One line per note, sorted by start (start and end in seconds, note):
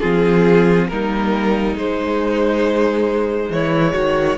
0.00 0.90 F3
0.00 0.89 C4
0.00 0.87 F4
0.00 0.87 G#4
0.88 1.75 G3
0.88 1.78 A#3
0.88 3.52 D#4
0.88 1.75 A#4
1.75 3.49 G#3
1.75 4.38 G#3
1.75 3.52 C5
3.49 3.93 E3
3.49 3.93 E4
3.49 4.38 C#5
3.93 4.38 D#3
3.93 4.37 F#4